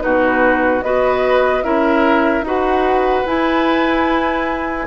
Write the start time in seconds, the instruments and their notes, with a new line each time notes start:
0.00 bassoon B2, clarinet D#4, oboe F#4, flute B4
0.82 bassoon B3, clarinet F#4, oboe B4, flute D#5
1.63 bassoon C#4, clarinet E4, oboe A#4, flute E5
2.42 bassoon D#4, clarinet F#4, oboe B4, flute F#5
3.26 clarinet E4, bassoon E4, flute G#5